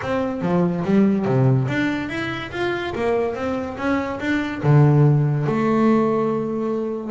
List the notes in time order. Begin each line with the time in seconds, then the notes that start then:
0.02 C4
0.41 F3
0.84 G3
1.25 C3
1.68 D4
2.09 E4
2.51 F4
2.95 A#3
3.34 C4
3.77 C#4
4.19 D4
4.63 D3
5.46 A3